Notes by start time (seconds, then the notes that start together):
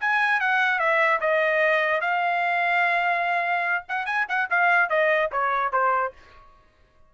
0.00 G#5
0.40 F#5
0.79 E5
1.20 D#5
2.01 F5
3.88 F#5
4.06 G#5
4.28 F#5
4.50 F5
4.89 D#5
5.32 C#5
5.72 C5